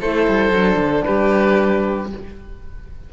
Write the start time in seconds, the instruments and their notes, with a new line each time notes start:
0.00 cello A3, horn E4, violin A4, oboe C5
0.27 cello G3
0.50 cello F#3, horn D4
0.76 cello D3
1.04 cello G3, violin G4, oboe B4